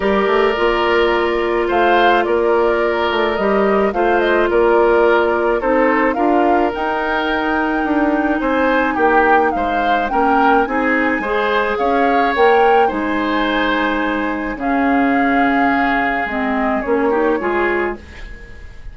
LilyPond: <<
  \new Staff \with { instrumentName = "flute" } { \time 4/4 \tempo 4 = 107 d''2. f''4 | d''2 dis''4 f''8 dis''8 | d''2 c''4 f''4 | g''2. gis''4 |
g''4 f''4 g''4 gis''4~ | gis''4 f''4 g''4 gis''4~ | gis''2 f''2~ | f''4 dis''4 cis''2 | }
  \new Staff \with { instrumentName = "oboe" } { \time 4/4 ais'2. c''4 | ais'2. c''4 | ais'2 a'4 ais'4~ | ais'2. c''4 |
g'4 c''4 ais'4 gis'4 | c''4 cis''2 c''4~ | c''2 gis'2~ | gis'2~ gis'8 g'8 gis'4 | }
  \new Staff \with { instrumentName = "clarinet" } { \time 4/4 g'4 f'2.~ | f'2 g'4 f'4~ | f'2 dis'4 f'4 | dis'1~ |
dis'2 cis'4 dis'4 | gis'2 ais'4 dis'4~ | dis'2 cis'2~ | cis'4 c'4 cis'8 dis'8 f'4 | }
  \new Staff \with { instrumentName = "bassoon" } { \time 4/4 g8 a8 ais2 a4 | ais4. a8 g4 a4 | ais2 c'4 d'4 | dis'2 d'4 c'4 |
ais4 gis4 ais4 c'4 | gis4 cis'4 ais4 gis4~ | gis2 cis2~ | cis4 gis4 ais4 gis4 | }
>>